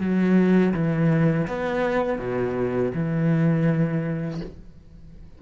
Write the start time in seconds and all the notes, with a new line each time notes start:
0.00 F#3
0.74 E3
1.47 B3
2.18 B2
2.94 E3